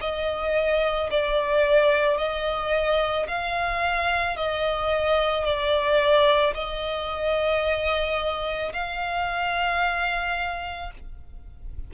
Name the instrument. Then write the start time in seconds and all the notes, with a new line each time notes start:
violin
0.00 D#5
1.11 D5
2.17 D#5
3.27 F5
4.36 D#5
5.44 D5
6.54 D#5
8.72 F5